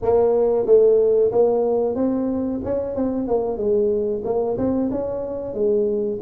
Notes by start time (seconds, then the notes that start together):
0.02 A#3
0.66 A3
1.31 A#3
1.95 C4
2.64 C#4
2.95 C4
3.27 A#3
3.57 G#3
4.24 A#3
4.57 C4
4.91 C#4
5.53 G#3